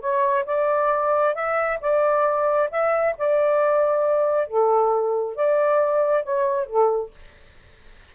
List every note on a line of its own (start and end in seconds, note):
0.00 0.44 C#5
0.45 1.34 D5
1.35 1.79 E5
1.81 2.69 D5
2.71 3.15 E5
3.18 4.47 D5
4.47 5.36 A4
5.36 6.23 D5
6.23 6.66 C#5
6.66 7.11 A4